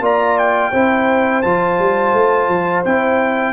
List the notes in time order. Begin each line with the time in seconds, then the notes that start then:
0.00 A#3 F4 D5 A#5
0.39 G5
0.72 C4 E4 C5
1.42 F3 F4 A5
1.79 G3
2.13 A3
2.49 F3
2.85 C4 E4 G5